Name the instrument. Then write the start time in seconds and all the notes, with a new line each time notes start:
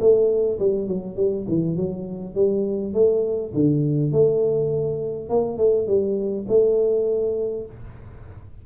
tuba
0.00 A3
0.59 G3
0.88 F#3
1.16 G3
1.48 E3
1.76 F#3
2.34 G3
2.94 A3
3.54 D3
4.12 A3
5.29 A#3
5.58 A3
5.87 G3
6.48 A3